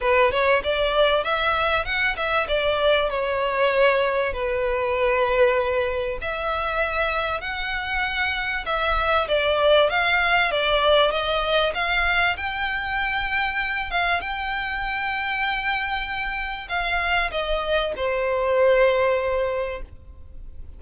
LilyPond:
\new Staff \with { instrumentName = "violin" } { \time 4/4 \tempo 4 = 97 b'8 cis''8 d''4 e''4 fis''8 e''8 | d''4 cis''2 b'4~ | b'2 e''2 | fis''2 e''4 d''4 |
f''4 d''4 dis''4 f''4 | g''2~ g''8 f''8 g''4~ | g''2. f''4 | dis''4 c''2. | }